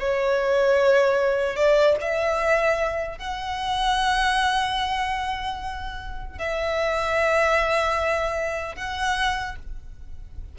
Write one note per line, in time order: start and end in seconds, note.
0.00 1.56 C#5
1.56 1.96 D5
2.01 3.19 E5
3.19 6.39 F#5
6.39 8.76 E5
8.76 9.56 F#5